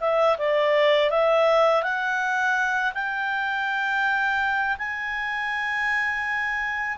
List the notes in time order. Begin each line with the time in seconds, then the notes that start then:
0.00 E5
0.38 D5
1.10 E5
1.83 F#5
2.94 G5
4.78 G#5